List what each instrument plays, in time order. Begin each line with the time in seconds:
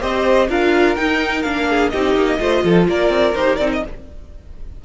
0.00 cello C4, viola G4, violin C5 D#5
0.49 cello D4, viola F4, violin A#4 F5
0.95 viola D#4, cello D#4, violin G5
1.42 cello A#3, viola D4, violin F5
1.69 violin G#4
1.89 cello C4, viola D#4, violin G4 D#5
2.15 cello A#3
2.38 cello A3, viola F4, violin C5
2.64 cello F3, violin A4
2.87 cello A#3, violin A#4 D5
3.09 cello C4
3.34 cello D#4, viola G4, violin C5
3.56 cello C4, viola D#4, violin D5
3.72 violin D#5